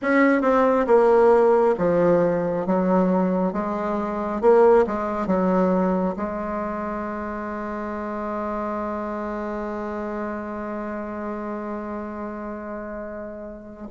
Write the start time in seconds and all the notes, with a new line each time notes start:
0.02 C#4
0.41 C4
0.87 A#3
1.78 F3
2.66 F#3
3.53 G#3
4.41 A#3
4.86 G#3
5.27 F#3
6.16 G#3